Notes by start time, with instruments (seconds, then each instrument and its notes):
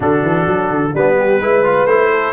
0.00 tuba D3, trombone D4, horn F#4, trumpet A4
0.22 tuba E3
0.47 tuba F#3
0.70 tuba D3
0.94 tuba G3, trombone B3, horn D4, trumpet B4
1.19 horn G4
1.40 tuba G#3, trombone E4, horn B4
1.64 trombone F4
1.85 tuba A3, trombone E4, trumpet C5
2.11 horn A4